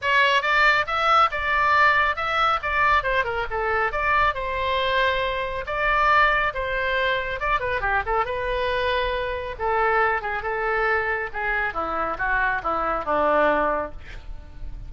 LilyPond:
\new Staff \with { instrumentName = "oboe" } { \time 4/4 \tempo 4 = 138 cis''4 d''4 e''4 d''4~ | d''4 e''4 d''4 c''8 ais'8 | a'4 d''4 c''2~ | c''4 d''2 c''4~ |
c''4 d''8 b'8 g'8 a'8 b'4~ | b'2 a'4. gis'8 | a'2 gis'4 e'4 | fis'4 e'4 d'2 | }